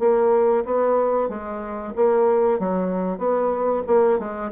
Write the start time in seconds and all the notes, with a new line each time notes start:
0.00 A#3
0.65 B3
1.29 G#3
1.96 A#3
2.60 F#3
3.19 B3
3.88 A#3
4.19 G#3